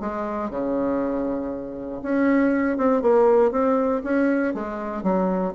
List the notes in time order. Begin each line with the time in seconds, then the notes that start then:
0.00 G#3
0.50 C#3
2.02 C#4
2.77 C4
3.02 A#3
3.51 C4
4.04 C#4
4.54 G#3
5.03 F#3